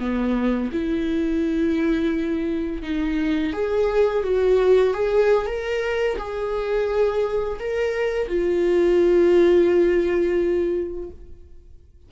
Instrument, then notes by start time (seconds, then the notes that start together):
viola
0.00 B3
0.73 E4
2.83 D#4
3.53 G#4
4.24 F#4
4.94 G#4
5.47 A#4
6.19 G#4
7.60 A#4
8.28 F4